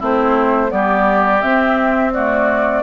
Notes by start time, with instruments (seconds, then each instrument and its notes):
0.00 bassoon A3, clarinet C4, oboe E4, flute C5
0.69 bassoon G3, clarinet B3, oboe G4, flute D5
1.42 clarinet C4, bassoon C4, flute E5
2.13 clarinet A3, oboe F#4, flute D5